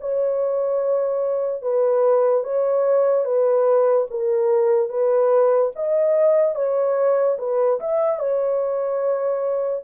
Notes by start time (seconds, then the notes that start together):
0.00 C#5
1.62 B4
2.43 C#5
3.24 B4
4.10 A#4
4.89 B4
5.75 D#5
6.55 C#5
7.38 B4
7.80 E5
8.19 C#5